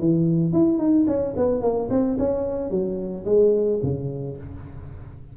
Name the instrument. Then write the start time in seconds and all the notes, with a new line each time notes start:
tuba
0.00 E3
0.53 E4
0.79 D#4
1.08 C#4
1.37 B3
1.62 A#3
1.91 C4
2.19 C#4
2.71 F#3
3.26 G#3
3.83 C#3